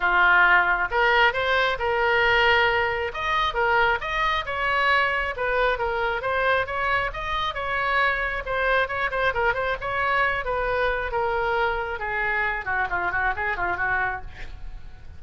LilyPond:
\new Staff \with { instrumentName = "oboe" } { \time 4/4 \tempo 4 = 135 f'2 ais'4 c''4 | ais'2. dis''4 | ais'4 dis''4 cis''2 | b'4 ais'4 c''4 cis''4 |
dis''4 cis''2 c''4 | cis''8 c''8 ais'8 c''8 cis''4. b'8~ | b'4 ais'2 gis'4~ | gis'8 fis'8 f'8 fis'8 gis'8 f'8 fis'4 | }